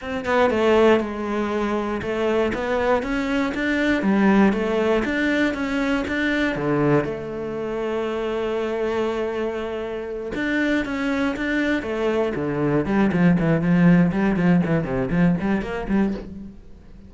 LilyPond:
\new Staff \with { instrumentName = "cello" } { \time 4/4 \tempo 4 = 119 c'8 b8 a4 gis2 | a4 b4 cis'4 d'4 | g4 a4 d'4 cis'4 | d'4 d4 a2~ |
a1~ | a8 d'4 cis'4 d'4 a8~ | a8 d4 g8 f8 e8 f4 | g8 f8 e8 c8 f8 g8 ais8 g8 | }